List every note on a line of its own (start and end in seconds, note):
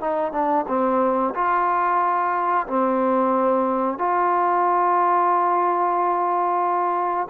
0.00 0.32 D#4
0.32 0.65 D4
0.68 1.34 C4
1.35 2.66 F4
2.67 3.98 C4
3.98 7.28 F4